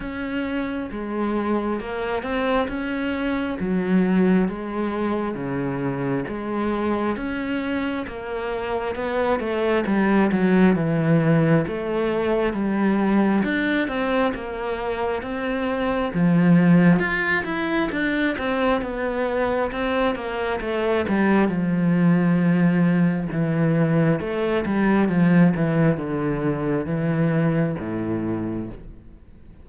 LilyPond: \new Staff \with { instrumentName = "cello" } { \time 4/4 \tempo 4 = 67 cis'4 gis4 ais8 c'8 cis'4 | fis4 gis4 cis4 gis4 | cis'4 ais4 b8 a8 g8 fis8 | e4 a4 g4 d'8 c'8 |
ais4 c'4 f4 f'8 e'8 | d'8 c'8 b4 c'8 ais8 a8 g8 | f2 e4 a8 g8 | f8 e8 d4 e4 a,4 | }